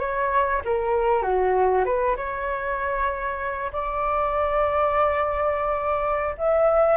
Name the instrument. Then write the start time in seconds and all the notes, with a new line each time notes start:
flute
0.00 C#5
0.66 A#4
1.23 F#4
1.86 B4
2.17 C#5
3.73 D5
6.38 E5